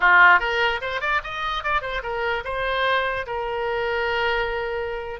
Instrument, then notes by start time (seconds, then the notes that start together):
oboe
0.00 F4
0.39 A#4
0.81 C5
1.00 D5
1.23 D#5
1.63 D5
1.81 C5
2.02 A#4
2.44 C5
3.26 A#4